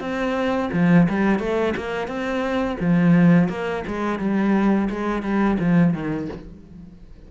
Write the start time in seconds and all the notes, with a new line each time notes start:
0.00 C4
0.73 F3
1.09 G3
1.39 A3
1.77 A#3
2.07 C4
2.80 F3
3.49 A#3
3.87 G#3
4.19 G3
4.90 G#3
5.23 G3
5.59 F3
5.93 D#3